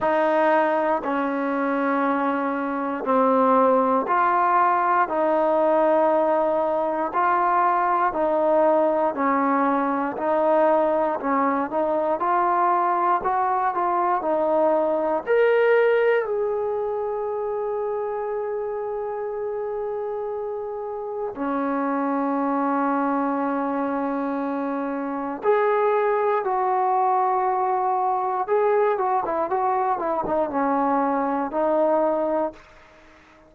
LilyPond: \new Staff \with { instrumentName = "trombone" } { \time 4/4 \tempo 4 = 59 dis'4 cis'2 c'4 | f'4 dis'2 f'4 | dis'4 cis'4 dis'4 cis'8 dis'8 | f'4 fis'8 f'8 dis'4 ais'4 |
gis'1~ | gis'4 cis'2.~ | cis'4 gis'4 fis'2 | gis'8 fis'16 e'16 fis'8 e'16 dis'16 cis'4 dis'4 | }